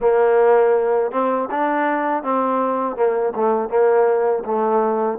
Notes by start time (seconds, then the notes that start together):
0.00 A#3
1.11 C4
1.50 D4
2.23 C4
2.96 A#3
3.35 A3
3.69 A#3
4.44 A3